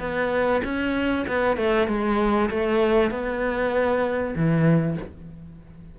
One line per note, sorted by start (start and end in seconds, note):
0.00 0.62 B3
0.64 1.26 C#4
1.28 1.57 B3
1.57 1.88 A3
1.88 2.50 G#3
2.51 3.11 A3
3.11 4.35 B3
4.36 4.98 E3